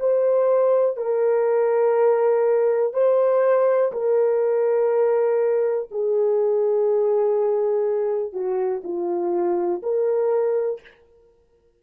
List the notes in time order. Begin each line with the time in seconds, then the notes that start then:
0.00 C5
0.97 A#4
2.94 C5
3.93 A#4
5.92 G#4
8.33 F#4
8.84 F4
9.83 A#4